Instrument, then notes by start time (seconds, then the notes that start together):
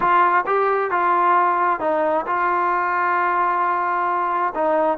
trombone
0.00 F4
0.46 G4
0.90 F4
1.80 D#4
2.26 F4
4.55 D#4